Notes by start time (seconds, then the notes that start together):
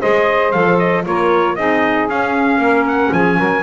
0.00 G#3 G#4 C5 D#5
0.51 F3 A4 F5
0.78 D#5
1.06 A#3 F4 A#4 C#5
1.55 C4 D#4 G#4 D#5
2.09 C#4 F5
2.57 A#3 A#4
2.87 F#5
3.12 F3 G#4 G#5
3.37 F#3 A#4